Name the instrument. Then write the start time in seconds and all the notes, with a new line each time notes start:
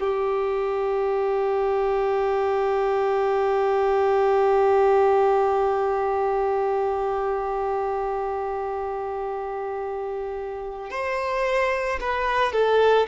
violin
0.00 G4
10.90 C5
12.01 B4
12.53 A4